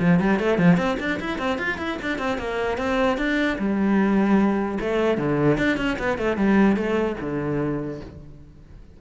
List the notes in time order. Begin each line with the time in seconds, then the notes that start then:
0.00 F3
0.20 G3
0.40 A3
0.58 F3
0.77 C4
1.00 D4
1.20 E4
1.39 C4
1.59 F4
1.78 E4
2.03 D4
2.19 C4
2.38 A#3
2.78 C4
3.18 D4
3.59 G3
4.81 A3
5.18 D3
5.58 D4
5.77 C#4
5.99 B3
6.18 A3
6.37 G3
6.77 A3
7.21 D3